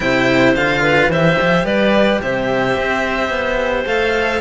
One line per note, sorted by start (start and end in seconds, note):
0.00 0.55 C3
0.00 0.55 E4
0.00 0.82 C5
0.00 0.54 G5
0.55 1.08 D3
0.55 1.11 F4
0.55 1.10 F5
0.82 1.10 B4
1.08 1.35 E3
1.08 3.86 G4
1.08 1.65 C5
1.08 1.65 E5
1.41 1.64 F3
1.64 2.19 G3
1.64 2.20 B4
1.64 2.20 D5
2.22 2.76 C3
2.22 4.41 C5
2.22 3.86 E5
2.76 3.29 C4
3.29 3.84 B3
3.86 4.41 A3
3.86 4.41 A4
3.86 4.41 F5